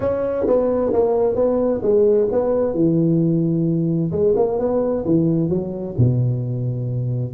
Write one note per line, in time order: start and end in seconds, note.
0.00 0.46 C#4
0.46 0.92 B3
0.92 1.35 A#3
1.35 1.81 B3
1.82 2.28 G#3
2.31 2.74 B3
2.74 4.11 E3
4.11 4.34 G#3
4.36 4.58 A#3
4.58 5.04 B3
5.05 5.49 E3
5.49 5.95 F#3
5.97 7.33 B2